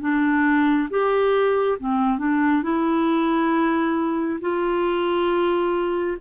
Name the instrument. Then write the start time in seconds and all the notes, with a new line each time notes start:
clarinet
0.00 D4
0.89 G4
1.79 C4
2.18 D4
2.63 E4
4.40 F4